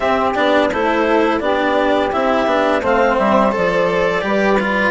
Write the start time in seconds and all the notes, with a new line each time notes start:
0.00 C4 G4 E5
0.35 B3 D4 D5
0.71 A3 E4 A4 C5
1.40 B3 D4 G4 D5
2.12 C4 E4 E5
2.45 B3 D4
2.81 A3 C4 C5 F5
3.17 G3 E5
3.51 F3 A4 D5
4.21 G3 G4 B4
4.59 F4